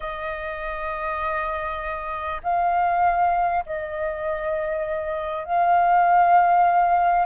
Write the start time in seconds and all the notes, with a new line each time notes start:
0.00 D#5
2.43 F5
3.66 D#5
5.45 F5